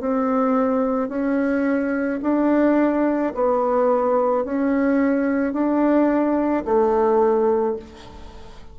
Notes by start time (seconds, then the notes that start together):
0.00 C4
1.09 C#4
2.22 D4
3.34 B3
4.44 C#4
5.53 D4
6.65 A3